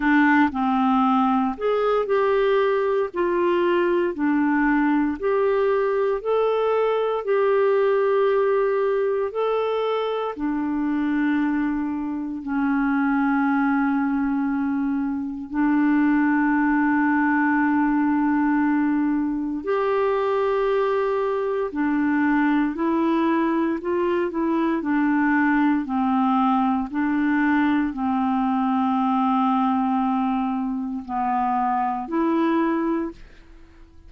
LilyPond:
\new Staff \with { instrumentName = "clarinet" } { \time 4/4 \tempo 4 = 58 d'8 c'4 gis'8 g'4 f'4 | d'4 g'4 a'4 g'4~ | g'4 a'4 d'2 | cis'2. d'4~ |
d'2. g'4~ | g'4 d'4 e'4 f'8 e'8 | d'4 c'4 d'4 c'4~ | c'2 b4 e'4 | }